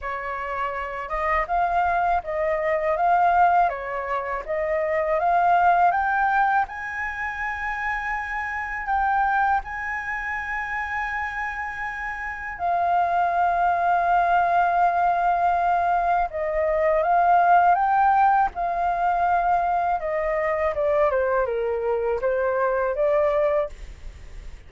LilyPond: \new Staff \with { instrumentName = "flute" } { \time 4/4 \tempo 4 = 81 cis''4. dis''8 f''4 dis''4 | f''4 cis''4 dis''4 f''4 | g''4 gis''2. | g''4 gis''2.~ |
gis''4 f''2.~ | f''2 dis''4 f''4 | g''4 f''2 dis''4 | d''8 c''8 ais'4 c''4 d''4 | }